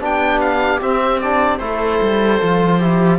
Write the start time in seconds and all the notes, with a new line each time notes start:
0.00 B3 D4 G4 G5
0.40 F5
0.80 C4 E5
1.20 D4 D5
1.58 A3 E4 A4 C5
2.01 G3
2.40 F3 F4
2.78 E4 G4